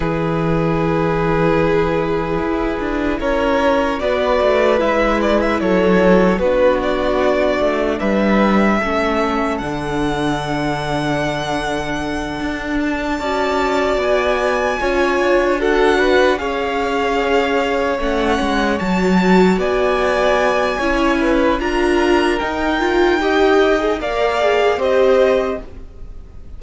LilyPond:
<<
  \new Staff \with { instrumentName = "violin" } { \time 4/4 \tempo 4 = 75 b'1 | cis''4 d''4 e''8 d''16 e''16 cis''4 | b'8 d''4. e''2 | fis''1 |
a''4. gis''2 fis''8~ | fis''8 f''2 fis''4 a''8~ | a''8 gis''2~ gis''8 ais''4 | g''2 f''4 dis''4 | }
  \new Staff \with { instrumentName = "violin" } { \time 4/4 gis'1 | ais'4 b'2 a'4 | fis'2 b'4 a'4~ | a'1~ |
a'8 d''2 cis''4 a'8 | b'8 cis''2.~ cis''8~ | cis''8 d''4. cis''8 b'8 ais'4~ | ais'4 dis''4 d''4 c''4 | }
  \new Staff \with { instrumentName = "viola" } { \time 4/4 e'1~ | e'4 fis'4 e'2 | d'2. cis'4 | d'1~ |
d'8 fis'2 f'4 fis'8~ | fis'8 gis'2 cis'4 fis'8~ | fis'2 e'4 f'4 | dis'8 f'8 g'8. gis'16 ais'8 gis'8 g'4 | }
  \new Staff \with { instrumentName = "cello" } { \time 4/4 e2. e'8 d'8 | cis'4 b8 a8 gis4 fis4 | b4. a8 g4 a4 | d2.~ d8 d'8~ |
d'8 cis'4 b4 cis'8 d'4~ | d'8 cis'2 a8 gis8 fis8~ | fis8 b4. cis'4 d'4 | dis'2 ais4 c'4 | }
>>